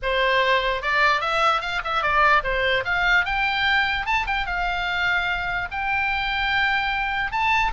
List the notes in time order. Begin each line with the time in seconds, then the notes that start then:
0.02 C5
0.82 D5
1.20 E5
1.61 F5
1.84 E5
2.02 D5
2.43 C5
2.84 F5
3.25 G5
4.05 A5
4.27 G5
4.46 F5
5.71 G5
7.31 A5